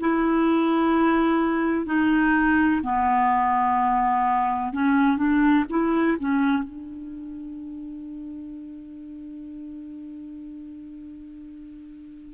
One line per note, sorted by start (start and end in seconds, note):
0.00 1.86 E4
1.86 2.81 D#4
2.83 4.73 B3
4.73 5.17 C#4
5.17 5.65 D4
5.70 6.17 E4
6.19 6.63 C#4
6.63 12.34 D4